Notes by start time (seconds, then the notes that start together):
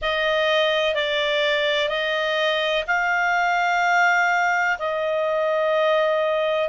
0.01 D#5
0.94 D5
1.88 D#5
2.87 F5
4.79 D#5